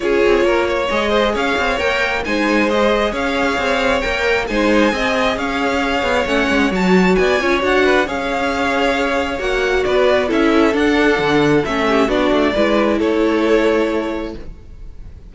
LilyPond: <<
  \new Staff \with { instrumentName = "violin" } { \time 4/4 \tempo 4 = 134 cis''2 dis''4 f''4 | g''4 gis''4 dis''4 f''4~ | f''4 g''4 gis''2 | f''2 fis''4 a''4 |
gis''4 fis''4 f''2~ | f''4 fis''4 d''4 e''4 | fis''2 e''4 d''4~ | d''4 cis''2. | }
  \new Staff \with { instrumentName = "violin" } { \time 4/4 gis'4 ais'8 cis''4 c''8 cis''4~ | cis''4 c''2 cis''4~ | cis''2 c''4 dis''4 | cis''1 |
d''8 cis''4 b'8 cis''2~ | cis''2 b'4 a'4~ | a'2~ a'8 g'8 fis'4 | b'4 a'2. | }
  \new Staff \with { instrumentName = "viola" } { \time 4/4 f'2 gis'2 | ais'4 dis'4 gis'2~ | gis'4 ais'4 dis'4 gis'4~ | gis'2 cis'4 fis'4~ |
fis'8 f'8 fis'4 gis'2~ | gis'4 fis'2 e'4 | d'2 cis'4 d'4 | e'1 | }
  \new Staff \with { instrumentName = "cello" } { \time 4/4 cis'8 c'8 ais4 gis4 cis'8 c'8 | ais4 gis2 cis'4 | c'4 ais4 gis4 c'4 | cis'4. b8 a8 gis8 fis4 |
b8 cis'8 d'4 cis'2~ | cis'4 ais4 b4 cis'4 | d'4 d4 a4 b8 a8 | gis4 a2. | }
>>